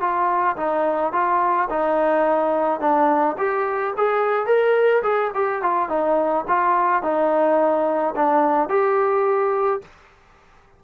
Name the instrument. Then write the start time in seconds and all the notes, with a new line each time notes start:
trombone
0.00 F4
0.57 D#4
1.13 F4
1.70 D#4
2.80 D4
3.38 G4
3.97 G#4
4.46 A#4
5.03 G#4
5.34 G4
5.63 F4
5.89 D#4
6.48 F4
7.03 D#4
8.16 D4
8.69 G4